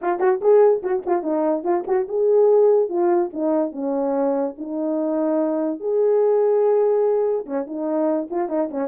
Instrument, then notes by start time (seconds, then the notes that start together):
horn
0.01 F4
0.19 F#4
0.41 G#4
0.82 F#4
1.06 F4
1.22 D#4
1.63 F4
1.87 F#4
2.08 G#4
2.89 F4
3.33 D#4
3.71 C#4
4.58 D#4
5.80 G#4
7.45 C#4
7.66 D#4
8.30 F4
8.48 D#4
8.70 C#4